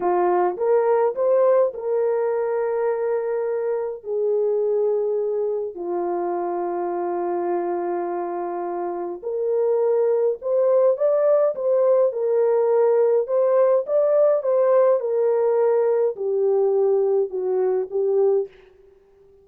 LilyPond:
\new Staff \with { instrumentName = "horn" } { \time 4/4 \tempo 4 = 104 f'4 ais'4 c''4 ais'4~ | ais'2. gis'4~ | gis'2 f'2~ | f'1 |
ais'2 c''4 d''4 | c''4 ais'2 c''4 | d''4 c''4 ais'2 | g'2 fis'4 g'4 | }